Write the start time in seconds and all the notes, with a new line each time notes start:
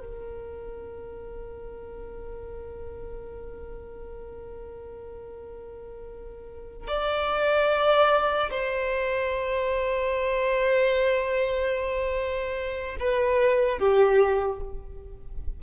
0.00 A#4
6.88 D5
8.51 C5
13.00 B4
13.79 G4